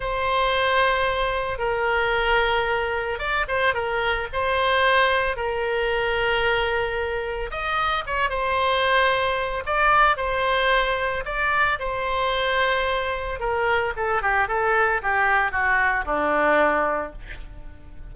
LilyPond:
\new Staff \with { instrumentName = "oboe" } { \time 4/4 \tempo 4 = 112 c''2. ais'4~ | ais'2 d''8 c''8 ais'4 | c''2 ais'2~ | ais'2 dis''4 cis''8 c''8~ |
c''2 d''4 c''4~ | c''4 d''4 c''2~ | c''4 ais'4 a'8 g'8 a'4 | g'4 fis'4 d'2 | }